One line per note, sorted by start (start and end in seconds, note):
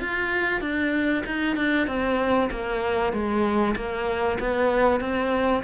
0.00 0.61 F4
0.61 1.23 D4
1.26 1.56 D#4
1.56 1.87 D4
1.87 2.50 C4
2.51 3.12 A#3
3.12 3.75 G#3
3.76 4.38 A#3
4.39 5.00 B3
5.00 5.63 C4